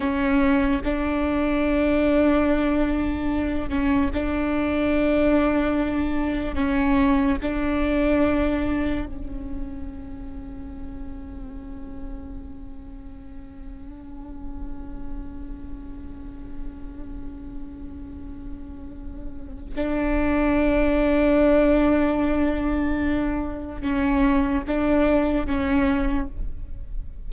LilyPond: \new Staff \with { instrumentName = "viola" } { \time 4/4 \tempo 4 = 73 cis'4 d'2.~ | d'8 cis'8 d'2. | cis'4 d'2 cis'4~ | cis'1~ |
cis'1~ | cis'1 | d'1~ | d'4 cis'4 d'4 cis'4 | }